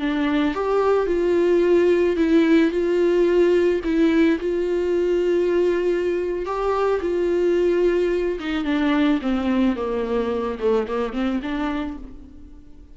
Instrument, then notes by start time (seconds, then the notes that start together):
viola
0.00 D4
0.55 G4
1.07 F4
2.17 E4
2.71 F4
3.84 E4
4.40 F4
6.46 G4
7.01 F4
8.40 D#4
8.65 D4
9.22 C4
9.76 A#3
10.60 A3
10.88 A#3
11.13 C4
11.43 D4